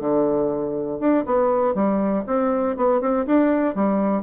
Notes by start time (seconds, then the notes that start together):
0.00 D3
1.00 D4
1.26 B3
1.75 G3
2.27 C4
2.77 B3
3.01 C4
3.26 D4
3.75 G3